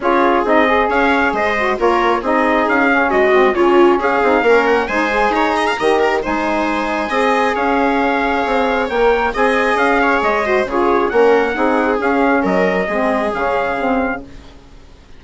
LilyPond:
<<
  \new Staff \with { instrumentName = "trumpet" } { \time 4/4 \tempo 4 = 135 cis''4 dis''4 f''4 dis''4 | cis''4 dis''4 f''4 dis''4 | cis''4 f''4. fis''8 gis''4 | ais''2 gis''2~ |
gis''4 f''2. | g''4 gis''4 f''4 dis''4 | cis''4 fis''2 f''4 | dis''2 f''2 | }
  \new Staff \with { instrumentName = "viola" } { \time 4/4 gis'2 cis''4 c''4 | ais'4 gis'2 fis'4 | f'4 gis'4 ais'4 c''4 | cis''8 dis''16 f''16 dis''8 ais'8 c''2 |
dis''4 cis''2.~ | cis''4 dis''4. cis''4 c''8 | gis'4 ais'4 gis'2 | ais'4 gis'2. | }
  \new Staff \with { instrumentName = "saxophone" } { \time 4/4 f'4 dis'8 gis'2 fis'8 | f'4 dis'4. cis'4 c'8 | cis'4. dis'8 cis'4 dis'8 gis'8~ | gis'4 g'4 dis'2 |
gis'1 | ais'4 gis'2~ gis'8 fis'8 | f'4 cis'4 dis'4 cis'4~ | cis'4 c'4 cis'4 c'4 | }
  \new Staff \with { instrumentName = "bassoon" } { \time 4/4 cis'4 c'4 cis'4 gis4 | ais4 c'4 cis'4 gis4 | cis4 cis'8 c'8 ais4 gis4 | dis'4 dis4 gis2 |
c'4 cis'2 c'4 | ais4 c'4 cis'4 gis4 | cis4 ais4 c'4 cis'4 | fis4 gis4 cis2 | }
>>